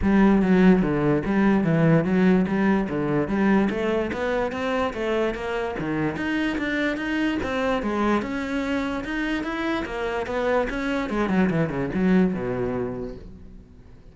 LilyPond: \new Staff \with { instrumentName = "cello" } { \time 4/4 \tempo 4 = 146 g4 fis4 d4 g4 | e4 fis4 g4 d4 | g4 a4 b4 c'4 | a4 ais4 dis4 dis'4 |
d'4 dis'4 c'4 gis4 | cis'2 dis'4 e'4 | ais4 b4 cis'4 gis8 fis8 | e8 cis8 fis4 b,2 | }